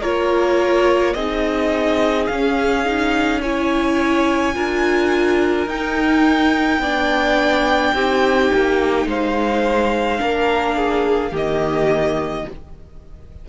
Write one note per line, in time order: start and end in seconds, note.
0.00 1.15 A#3
0.00 1.16 F4
0.00 1.13 A#4
0.00 1.14 C#5
1.14 2.28 C4
1.14 2.30 D#4
1.14 3.41 G#4
1.14 2.27 D#5
2.27 4.55 C#4
2.27 2.85 C#4
2.27 3.40 F5
2.85 3.42 D#4
3.41 4.54 E4
3.41 4.54 C#5
3.41 5.68 G#5
4.54 5.67 D4
4.54 5.67 F4
4.54 6.81 A#4
5.67 6.79 D#4
5.67 6.83 D#4
5.67 9.08 G5
6.79 7.92 B3
6.79 7.96 D4
6.79 7.94 D5
7.93 8.50 C4
7.93 10.17 D#4
7.93 9.08 G4
8.54 9.06 A#3
9.06 10.19 G#3
9.06 10.20 C5
9.06 11.35 F5
10.17 11.31 A#3
10.17 11.31 D4
10.17 10.76 A#4
10.76 11.32 G#4
11.31 12.45 D#3
11.31 12.47 A#3
11.31 12.45 G4
11.31 12.49 D#5